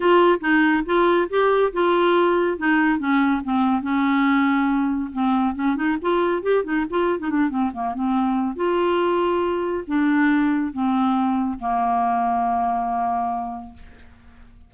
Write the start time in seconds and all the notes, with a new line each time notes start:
0.00 F4
0.40 D#4
0.85 F4
1.29 G4
1.72 F4
2.58 D#4
2.98 C#4
3.43 C4
3.82 C#4
5.12 C4
5.55 C#4
5.75 D#4
6.01 F4
6.42 G4
6.64 D#4
6.89 F4
7.19 D#4
7.30 D4
7.49 C4
7.73 A#3
7.94 C4
8.56 F4
9.87 D4
10.73 C4
11.59 A#3